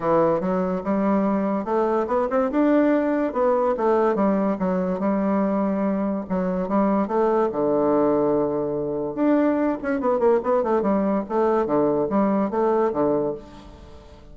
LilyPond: \new Staff \with { instrumentName = "bassoon" } { \time 4/4 \tempo 4 = 144 e4 fis4 g2 | a4 b8 c'8 d'2 | b4 a4 g4 fis4 | g2. fis4 |
g4 a4 d2~ | d2 d'4. cis'8 | b8 ais8 b8 a8 g4 a4 | d4 g4 a4 d4 | }